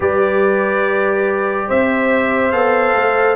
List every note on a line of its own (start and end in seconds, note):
0.00 1.69 G3
0.00 2.51 G4
0.00 1.67 B4
0.00 1.69 D5
1.67 2.53 C4
1.67 3.36 C5
1.67 2.51 E5
2.51 2.94 B3
2.51 3.36 A4
2.51 3.36 F5
2.94 3.36 A3